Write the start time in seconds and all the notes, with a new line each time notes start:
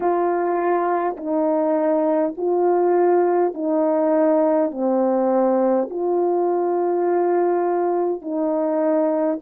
0.00 F4
1.17 D#4
2.37 F4
3.53 D#4
4.71 C4
5.89 F4
8.21 D#4